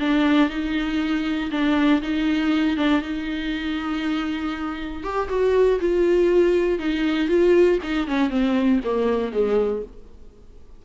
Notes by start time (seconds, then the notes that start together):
0.00 D4
0.50 D#4
1.51 D4
2.02 D#4
2.78 D4
3.02 D#4
5.04 G4
5.29 F#4
5.81 F4
6.79 D#4
7.29 F4
7.83 D#4
8.08 C#4
8.30 C4
8.84 A#3
9.33 G#3